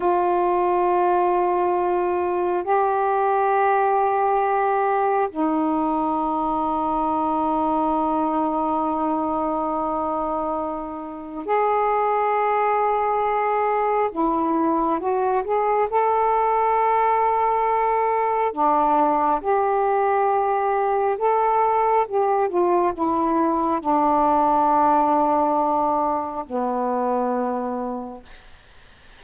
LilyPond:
\new Staff \with { instrumentName = "saxophone" } { \time 4/4 \tempo 4 = 68 f'2. g'4~ | g'2 dis'2~ | dis'1~ | dis'4 gis'2. |
e'4 fis'8 gis'8 a'2~ | a'4 d'4 g'2 | a'4 g'8 f'8 e'4 d'4~ | d'2 b2 | }